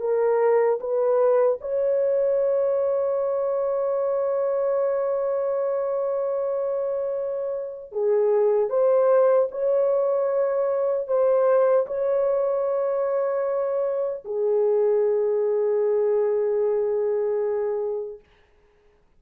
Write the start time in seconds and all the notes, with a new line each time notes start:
0.00 A#4
0.80 B4
1.61 C#5
7.92 G#4
8.69 C5
9.51 C#5
11.07 C5
11.87 C#5
14.25 G#4